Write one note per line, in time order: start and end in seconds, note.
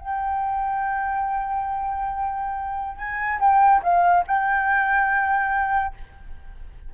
0.00 2.98 G5
2.98 3.40 G#5
3.40 3.82 G5
3.83 4.25 F5
4.27 5.94 G5